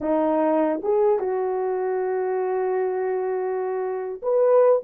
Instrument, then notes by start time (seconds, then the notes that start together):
horn
0.00 D#4
0.83 G#4
1.19 F#4
4.22 B4